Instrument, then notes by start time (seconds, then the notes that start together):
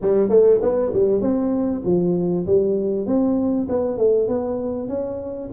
tuba
0.01 G3
0.29 A3
0.62 B3
0.92 G3
1.21 C4
1.85 F3
2.46 G3
3.06 C4
3.68 B3
3.97 A3
4.28 B3
4.88 C#4